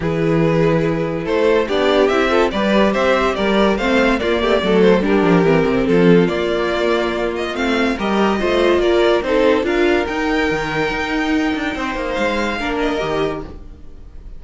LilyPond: <<
  \new Staff \with { instrumentName = "violin" } { \time 4/4 \tempo 4 = 143 b'2. c''4 | d''4 e''4 d''4 e''4 | d''4 f''4 d''4. c''8 | ais'2 a'4 d''4~ |
d''4. dis''8 f''4 dis''4~ | dis''4 d''4 c''4 f''4 | g''1~ | g''4 f''4. dis''4. | }
  \new Staff \with { instrumentName = "violin" } { \time 4/4 gis'2. a'4 | g'4. a'8 b'4 c''4 | ais'4 c''4 f'8 g'8 a'4 | g'2 f'2~ |
f'2. ais'4 | c''4 ais'4 a'4 ais'4~ | ais'1 | c''2 ais'2 | }
  \new Staff \with { instrumentName = "viola" } { \time 4/4 e'1 | d'4 e'8 f'8 g'2~ | g'4 c'4 ais4 a4 | d'4 c'2 ais4~ |
ais2 c'4 g'4 | f'2 dis'4 f'4 | dis'1~ | dis'2 d'4 g'4 | }
  \new Staff \with { instrumentName = "cello" } { \time 4/4 e2. a4 | b4 c'4 g4 c'4 | g4 a4 ais8 a8 fis4 | g8 f8 e8 c8 f4 ais4~ |
ais2 a4 g4 | a4 ais4 c'4 d'4 | dis'4 dis4 dis'4. d'8 | c'8 ais8 gis4 ais4 dis4 | }
>>